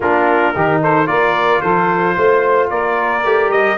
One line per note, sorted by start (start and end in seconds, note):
0.00 0.52 A#3
0.00 0.55 D4
0.00 0.53 F4
0.00 0.82 A#4
0.53 1.07 D#3
0.53 1.05 D#4
0.53 0.80 G4
0.81 1.08 A4
0.81 1.07 C5
1.05 1.61 A#3
1.05 3.21 F4
1.05 1.61 A#4
1.05 1.61 D5
1.61 2.17 F3
1.61 2.15 A4
1.61 2.69 C5
2.15 2.70 A3
2.15 2.69 C5
2.69 3.24 A#3
2.69 3.77 A#4
2.69 3.51 D5
3.24 3.49 A3
3.24 3.77 G4
3.49 3.76 G3
3.49 3.77 D#5